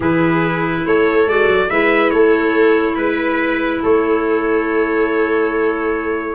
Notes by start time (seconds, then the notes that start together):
0.00 E3 E4 G#4 B4
0.86 A3 A4 C#5
1.25 G#3 F#4 D5
1.47 F#3
1.69 G#3 E4 B4 E5
2.10 A3 A4 C#5
2.95 G#3 B4
3.82 A3 A4 C#5